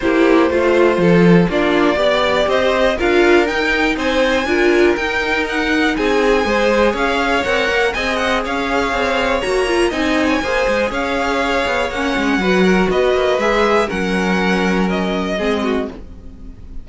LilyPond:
<<
  \new Staff \with { instrumentName = "violin" } { \time 4/4 \tempo 4 = 121 c''2. d''4~ | d''4 dis''4 f''4 g''4 | gis''2 g''4 fis''4 | gis''2 f''4 fis''4 |
gis''8 fis''8 f''2 ais''4 | gis''2 f''2 | fis''2 dis''4 e''4 | fis''2 dis''2 | }
  \new Staff \with { instrumentName = "violin" } { \time 4/4 g'4 f'4 a'4 f'4 | d''4 c''4 ais'2 | c''4 ais'2. | gis'4 c''4 cis''2 |
dis''4 cis''2. | dis''8. cis''16 c''4 cis''2~ | cis''4 b'8 ais'8 b'2 | ais'2. gis'8 fis'8 | }
  \new Staff \with { instrumentName = "viola" } { \time 4/4 e'4 f'2 d'4 | g'2 f'4 dis'4~ | dis'4 f'4 dis'2~ | dis'4 gis'2 ais'4 |
gis'2. fis'8 f'8 | dis'4 gis'2. | cis'4 fis'2 gis'4 | cis'2. c'4 | }
  \new Staff \with { instrumentName = "cello" } { \time 4/4 ais4 a4 f4 ais4 | b4 c'4 d'4 dis'4 | c'4 d'4 dis'2 | c'4 gis4 cis'4 c'8 ais8 |
c'4 cis'4 c'4 ais4 | c'4 ais8 gis8 cis'4. b8 | ais8 gis8 fis4 b8 ais8 gis4 | fis2. gis4 | }
>>